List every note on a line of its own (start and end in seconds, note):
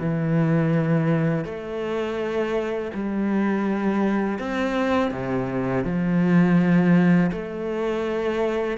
0.00 1.45 E3
1.45 2.91 A3
2.94 4.39 G3
4.39 5.11 C4
5.11 5.84 C3
5.85 7.31 F3
7.32 8.78 A3